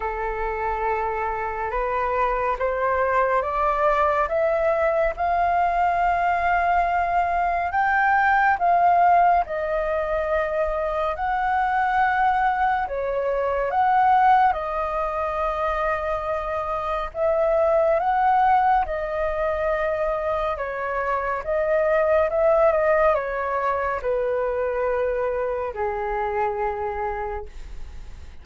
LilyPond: \new Staff \with { instrumentName = "flute" } { \time 4/4 \tempo 4 = 70 a'2 b'4 c''4 | d''4 e''4 f''2~ | f''4 g''4 f''4 dis''4~ | dis''4 fis''2 cis''4 |
fis''4 dis''2. | e''4 fis''4 dis''2 | cis''4 dis''4 e''8 dis''8 cis''4 | b'2 gis'2 | }